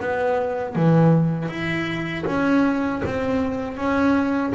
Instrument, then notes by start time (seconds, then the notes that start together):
double bass
0.00 B3
0.75 E3
1.48 E4
2.26 C#4
3.05 C4
3.77 C#4